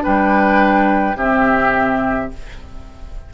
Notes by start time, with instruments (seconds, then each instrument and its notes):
0.00 clarinet D4, oboe B4, flute G5
0.06 bassoon G3
1.16 bassoon C3, clarinet C4, oboe G4, flute E5